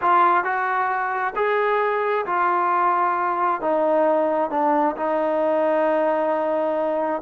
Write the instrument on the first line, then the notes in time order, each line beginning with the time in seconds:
trombone
0.01 F4
0.43 F#4
1.35 G#4
2.26 F4
3.61 D#4
4.50 D4
4.96 D#4